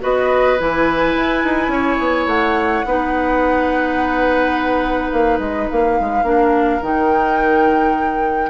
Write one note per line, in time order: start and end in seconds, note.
0.00 0.59 B3
0.00 0.57 F#4
0.00 1.72 B4
0.00 0.59 D#5
0.59 1.15 E3
0.59 2.86 E4
0.59 2.27 G#5
1.15 1.43 E4
1.43 1.68 D#4
1.68 1.96 C#4
1.68 2.85 C#5
1.99 2.26 B3
2.26 2.83 A3
2.26 5.10 F#5
2.85 5.11 B3
2.85 6.24 D#4
2.85 6.25 B4
5.10 5.39 A#3
5.10 5.38 F5
5.39 5.67 G#3
5.39 5.68 D#5
5.69 6.00 A#3
5.69 6.82 F5
6.00 6.22 G#3
6.22 6.79 A#3
6.22 6.80 D4
6.22 8.49 A#4
6.81 8.49 D#3
6.81 8.49 D#4
6.81 8.49 G5